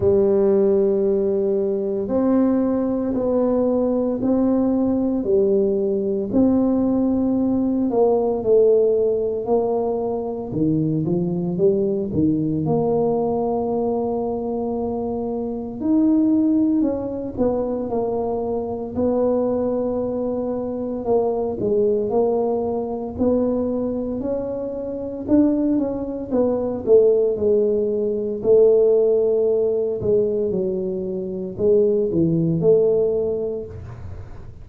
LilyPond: \new Staff \with { instrumentName = "tuba" } { \time 4/4 \tempo 4 = 57 g2 c'4 b4 | c'4 g4 c'4. ais8 | a4 ais4 dis8 f8 g8 dis8 | ais2. dis'4 |
cis'8 b8 ais4 b2 | ais8 gis8 ais4 b4 cis'4 | d'8 cis'8 b8 a8 gis4 a4~ | a8 gis8 fis4 gis8 e8 a4 | }